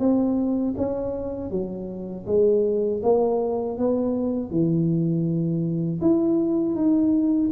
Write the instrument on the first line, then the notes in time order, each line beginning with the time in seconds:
tuba
0.00 C4
0.78 C#4
1.51 F#3
2.27 G#3
3.03 A#3
3.78 B3
4.51 E3
6.02 E4
6.75 D#4